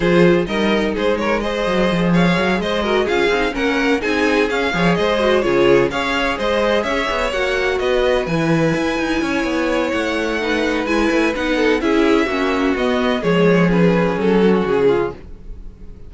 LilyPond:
<<
  \new Staff \with { instrumentName = "violin" } { \time 4/4 \tempo 4 = 127 c''4 dis''4 c''8 cis''8 dis''4~ | dis''8 f''4 dis''4 f''4 fis''8~ | fis''8 gis''4 f''4 dis''4 cis''8~ | cis''8 f''4 dis''4 e''4 fis''8~ |
fis''8 dis''4 gis''2~ gis''8~ | gis''4 fis''2 gis''4 | fis''4 e''2 dis''4 | cis''4 b'4 a'4 gis'4 | }
  \new Staff \with { instrumentName = "violin" } { \time 4/4 gis'4 ais'4 gis'8 ais'8 c''4~ | c''8 cis''4 c''8 ais'8 gis'4 ais'8~ | ais'8 gis'4. cis''8 c''4 gis'8~ | gis'8 cis''4 c''4 cis''4.~ |
cis''8 b'2. cis''8~ | cis''2 b'2~ | b'8 a'8 gis'4 fis'2 | gis'2~ gis'8 fis'4 f'8 | }
  \new Staff \with { instrumentName = "viola" } { \time 4/4 f'4 dis'2 gis'4~ | gis'2 fis'8 f'8 dis'8 cis'8~ | cis'8 dis'4 cis'8 gis'4 fis'8 f'8~ | f'8 gis'2. fis'8~ |
fis'4. e'2~ e'8~ | e'2 dis'4 e'4 | dis'4 e'4 cis'4 b4 | gis4 cis'2. | }
  \new Staff \with { instrumentName = "cello" } { \time 4/4 f4 g4 gis4. fis8 | f4 fis8 gis4 cis'8 c'8 ais8~ | ais8 c'4 cis'8 f8 gis4 cis8~ | cis8 cis'4 gis4 cis'8 b8 ais8~ |
ais8 b4 e4 e'8 dis'8 cis'8 | b4 a2 gis8 a8 | b4 cis'4 ais4 b4 | f2 fis4 cis4 | }
>>